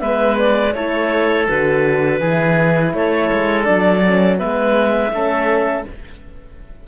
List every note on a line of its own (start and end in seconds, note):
0.00 0.75 G#3
0.00 0.73 B3
0.00 0.74 B4
0.00 0.37 E5
0.39 0.73 D5
0.73 1.48 A3
0.73 1.48 E4
0.73 2.21 A4
0.73 1.47 C#5
1.48 2.20 D3
1.48 2.22 F#4
1.48 2.94 B4
2.20 2.94 E3
2.20 3.64 E4
2.20 2.94 G#4
2.94 3.30 A3
2.94 4.39 A4
2.94 3.64 C#5
3.32 3.68 G#3
3.64 4.41 F#3
3.64 4.01 D4
3.64 4.37 D5
4.07 4.39 C#4
4.38 5.12 G#3
4.38 5.12 B3
4.38 5.12 B4
4.38 5.85 E5
5.12 5.85 A3
5.12 5.87 C#4
5.12 5.87 A4